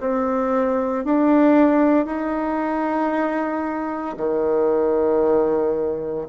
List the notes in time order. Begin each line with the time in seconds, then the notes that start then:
0.00 C4
1.05 D4
2.06 D#4
4.17 D#3